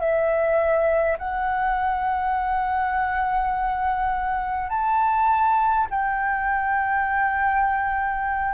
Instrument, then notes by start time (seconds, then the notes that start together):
flute
0.00 E5
1.18 F#5
4.70 A5
5.91 G5